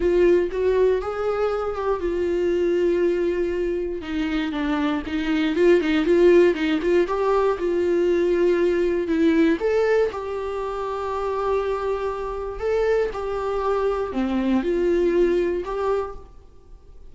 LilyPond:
\new Staff \with { instrumentName = "viola" } { \time 4/4 \tempo 4 = 119 f'4 fis'4 gis'4. g'8 | f'1 | dis'4 d'4 dis'4 f'8 dis'8 | f'4 dis'8 f'8 g'4 f'4~ |
f'2 e'4 a'4 | g'1~ | g'4 a'4 g'2 | c'4 f'2 g'4 | }